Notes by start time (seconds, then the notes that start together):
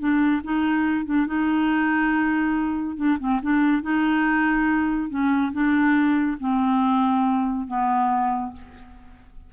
0.00 D4
0.44 D#4
1.06 D4
1.27 D#4
2.97 D4
3.20 C4
3.43 D4
3.83 D#4
5.10 C#4
5.53 D4
6.40 C4
7.68 B3